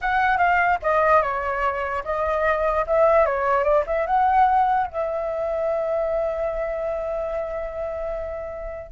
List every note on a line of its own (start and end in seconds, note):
0.01 0.37 F#5
0.37 0.78 F5
0.82 1.22 D#5
1.22 2.03 C#5
2.04 2.85 D#5
2.86 3.25 E5
3.25 3.63 C#5
3.63 3.84 D5
3.86 4.06 E5
4.06 4.86 F#5
4.86 8.92 E5